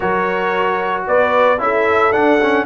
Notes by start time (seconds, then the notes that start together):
0.00 F#3 F#4 A#4 C#5
1.07 B3 B4 D5
1.58 C#4 E4 A4 E5
2.12 D4 F#5
2.41 C#4